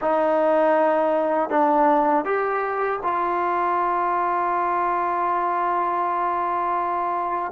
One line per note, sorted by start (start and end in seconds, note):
0.01 1.49 D#4
1.49 2.24 D4
2.24 2.99 G4
3.03 7.52 F4